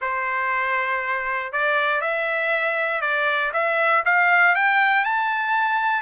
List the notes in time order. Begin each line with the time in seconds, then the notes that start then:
0.01 C5
1.52 D5
2.01 E5
3.01 D5
3.53 E5
4.05 F5
4.55 G5
5.04 A5